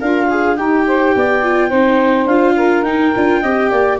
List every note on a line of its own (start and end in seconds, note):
0.00 0.58 D4
0.00 0.57 F4
0.00 0.29 A#4
0.00 0.56 F5
0.30 0.58 G#4
0.56 0.85 D#4
0.56 1.15 D#4
0.56 1.43 G4
0.56 2.27 G5
0.87 1.15 C5
1.15 1.72 B3
1.15 1.69 D5
1.43 1.71 F4
1.69 2.26 C4
1.69 2.28 D#4
1.69 2.55 C5
2.26 2.83 D4
2.26 2.85 F4
2.26 2.83 F5
2.56 3.41 A#4
2.83 3.12 D#4
2.83 3.14 D#4
2.83 3.98 G5
3.16 3.43 D4
3.16 3.44 F4
3.41 3.72 C4
3.41 4.00 G4
3.41 3.70 D#5
3.70 4.00 A#3
3.70 3.98 D5